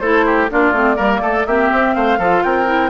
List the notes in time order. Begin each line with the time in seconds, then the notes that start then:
0.00 A3 E4 A4 C5
0.26 G4
0.49 A#3 D4 F4 D5
0.72 A3 C4
0.95 G3 A#3 A#4
1.21 A3 A4
1.46 A#3 C4 G4 E5
1.72 C4
1.95 A3 C5 F5
2.18 F3 F4 A4
2.43 C4 A#4 G5
2.66 E4